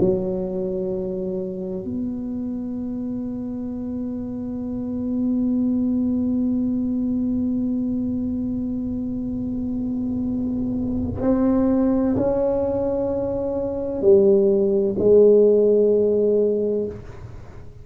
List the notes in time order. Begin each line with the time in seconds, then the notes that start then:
0.00 F#3
1.85 B3
11.22 C4
12.17 C#4
14.02 G3
14.99 G#3